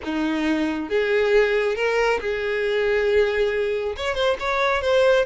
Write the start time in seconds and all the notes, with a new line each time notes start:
0.04 D#4
0.89 G#4
1.75 A#4
2.20 G#4
3.96 C#5
4.14 C5
4.39 C#5
4.81 C5